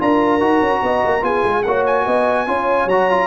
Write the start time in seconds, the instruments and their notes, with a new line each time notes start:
0.00 tuba D4, trombone F4, horn A#4, trumpet A#5
0.41 tuba D#4, trombone F#4
0.61 tuba C#4
0.83 tuba B3, horn D#5
1.06 tuba A#3
1.22 tuba B3, trombone F4, horn G#4, trumpet G#5
1.45 tuba G#3
1.63 tuba A#3, trombone F#4, horn C#5, trumpet F#5
1.87 trumpet G#5
2.06 tuba B3, horn D#5
2.47 tuba C#4, trombone F4, horn C#5
2.86 tuba F#3, trombone F#4, trumpet A#5
3.11 trombone F4